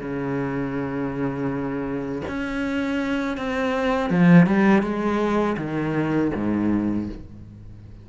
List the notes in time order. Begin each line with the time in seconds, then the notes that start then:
0.00 C#3
2.28 C#4
3.37 C4
4.10 F3
4.46 G3
4.82 G#3
5.57 D#3
6.35 G#2